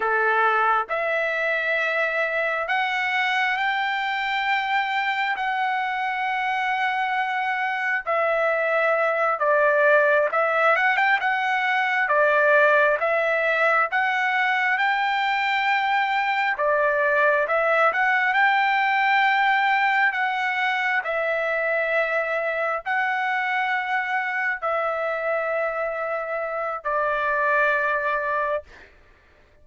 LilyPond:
\new Staff \with { instrumentName = "trumpet" } { \time 4/4 \tempo 4 = 67 a'4 e''2 fis''4 | g''2 fis''2~ | fis''4 e''4. d''4 e''8 | fis''16 g''16 fis''4 d''4 e''4 fis''8~ |
fis''8 g''2 d''4 e''8 | fis''8 g''2 fis''4 e''8~ | e''4. fis''2 e''8~ | e''2 d''2 | }